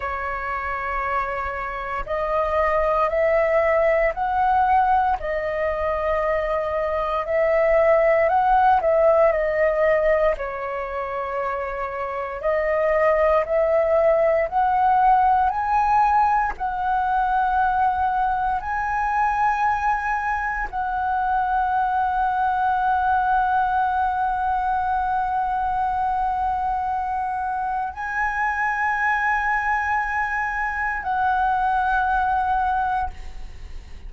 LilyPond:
\new Staff \with { instrumentName = "flute" } { \time 4/4 \tempo 4 = 58 cis''2 dis''4 e''4 | fis''4 dis''2 e''4 | fis''8 e''8 dis''4 cis''2 | dis''4 e''4 fis''4 gis''4 |
fis''2 gis''2 | fis''1~ | fis''2. gis''4~ | gis''2 fis''2 | }